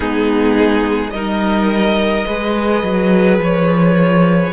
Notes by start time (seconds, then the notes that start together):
0.00 G#3 B3 D#4 G#4
1.10 G3 D#4 A#4 D#5
2.25 G#3 G#4 B4
2.83 F#3
3.38 F3 C#5